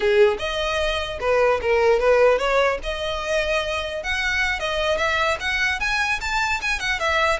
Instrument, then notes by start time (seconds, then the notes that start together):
violin
0.00 G#4
0.38 D#5
1.20 B4
1.61 A#4
1.99 B4
2.38 C#5
2.83 D#5
4.03 F#5
4.59 D#5
4.97 E5
5.40 F#5
5.80 G#5
6.20 A5
6.61 G#5
6.79 F#5
6.99 E5